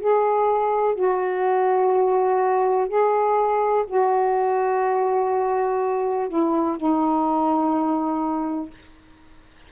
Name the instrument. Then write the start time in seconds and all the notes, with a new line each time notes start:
saxophone
0.00 G#4
0.95 F#4
2.89 G#4
3.88 F#4
6.29 E4
6.77 D#4